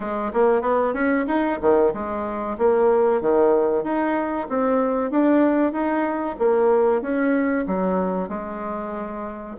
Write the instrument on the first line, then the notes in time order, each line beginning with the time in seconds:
bassoon
0.00 G#3
0.33 A#3
0.61 B3
0.93 C#4
1.27 D#4
1.61 D#3
1.93 G#3
2.58 A#3
3.21 D#3
3.83 D#4
4.49 C4
5.11 D4
5.72 D#4
6.38 A#3
7.01 C#4
7.66 F#3
8.28 G#3